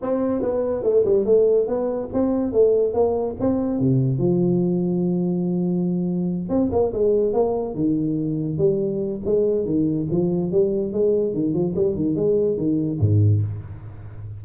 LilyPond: \new Staff \with { instrumentName = "tuba" } { \time 4/4 \tempo 4 = 143 c'4 b4 a8 g8 a4 | b4 c'4 a4 ais4 | c'4 c4 f2~ | f2.~ f8 c'8 |
ais8 gis4 ais4 dis4.~ | dis8 g4. gis4 dis4 | f4 g4 gis4 dis8 f8 | g8 dis8 gis4 dis4 gis,4 | }